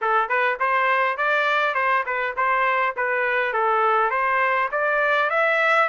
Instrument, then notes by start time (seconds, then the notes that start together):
trumpet
0.01 A4
0.28 B4
0.59 C5
1.17 D5
1.74 C5
2.06 B4
2.36 C5
2.96 B4
3.53 A4
4.10 C5
4.71 D5
5.30 E5